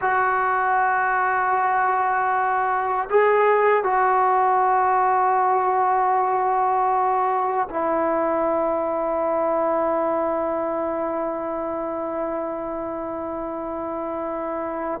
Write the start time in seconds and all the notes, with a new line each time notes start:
0.01 F#4
3.09 G#4
3.83 F#4
7.69 E4